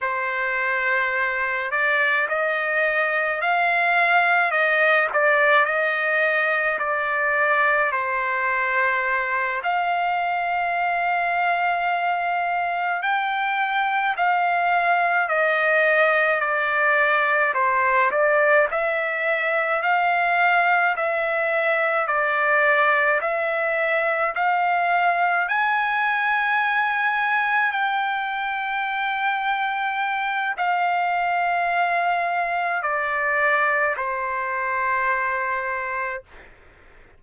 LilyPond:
\new Staff \with { instrumentName = "trumpet" } { \time 4/4 \tempo 4 = 53 c''4. d''8 dis''4 f''4 | dis''8 d''8 dis''4 d''4 c''4~ | c''8 f''2. g''8~ | g''8 f''4 dis''4 d''4 c''8 |
d''8 e''4 f''4 e''4 d''8~ | d''8 e''4 f''4 gis''4.~ | gis''8 g''2~ g''8 f''4~ | f''4 d''4 c''2 | }